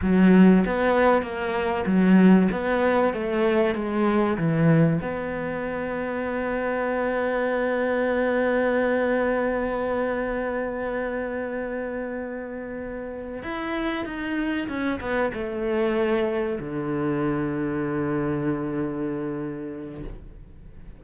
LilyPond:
\new Staff \with { instrumentName = "cello" } { \time 4/4 \tempo 4 = 96 fis4 b4 ais4 fis4 | b4 a4 gis4 e4 | b1~ | b1~ |
b1~ | b4. e'4 dis'4 cis'8 | b8 a2 d4.~ | d1 | }